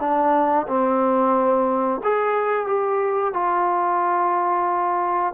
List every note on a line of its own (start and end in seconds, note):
0.00 0.67 D4
0.68 2.01 C4
2.03 2.67 G#4
2.67 3.33 G4
3.33 5.33 F4